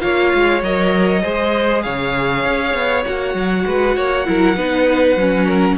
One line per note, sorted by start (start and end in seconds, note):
0.00 0.33 A#3
0.00 0.61 F4
0.00 1.22 C#5
0.00 0.62 F5
0.34 0.62 G#3
0.62 1.23 F#3
0.62 1.22 A#4
0.62 1.82 D#5
1.22 1.86 G#3
1.22 3.04 G#4
1.22 1.83 C5
1.82 2.44 C#3
1.82 3.66 C#5
1.82 3.04 F5
2.44 2.73 C#4
2.73 3.04 B3
3.05 3.34 A#3
3.05 4.26 F#4
3.05 5.77 F#5
3.34 3.64 F#3
3.66 3.96 G#3
3.66 3.96 B4
3.96 4.27 A#3
3.96 4.27 C#5
4.26 4.56 F#3
4.26 4.56 E4
4.26 4.56 A#4
4.56 5.16 B3
4.56 5.17 D#4
4.56 5.46 B4
5.16 5.77 F#3
5.16 5.77 C#4
5.46 5.77 A#4